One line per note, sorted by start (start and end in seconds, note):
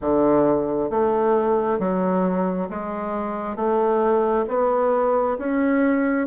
0.01 0.90 D3
0.90 1.79 A3
1.79 2.69 F#3
2.69 3.55 G#3
3.55 4.45 A3
4.48 5.37 B3
5.38 6.27 C#4